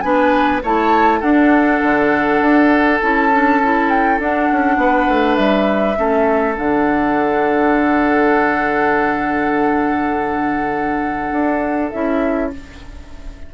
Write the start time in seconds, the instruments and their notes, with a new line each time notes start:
0.00 bassoon B3, clarinet D4, oboe B4, flute G#5
0.63 bassoon A3, clarinet E4, oboe C#5, flute A5
1.20 bassoon D4, clarinet D4, oboe A4, flute F#5
1.82 bassoon D3
2.41 bassoon D4
3.00 bassoon C#4, clarinet E4, flute A5
3.32 clarinet D4
3.62 clarinet E4
3.89 flute G5
4.19 bassoon D4, clarinet D4, flute F#5
4.51 bassoon C#4
4.77 bassoon B3, oboe B4
5.09 bassoon A3
5.36 bassoon G3, flute E5
5.96 bassoon A3, clarinet C#4, oboe A4
6.56 bassoon D3, clarinet D4, flute F#5
11.32 bassoon D4
11.90 bassoon C#4, clarinet E4, flute E5